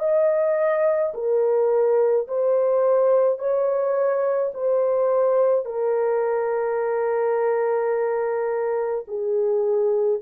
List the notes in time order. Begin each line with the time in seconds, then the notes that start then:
0.00 D#5
1.14 A#4
2.28 C5
3.39 C#5
4.54 C5
5.66 A#4
9.08 G#4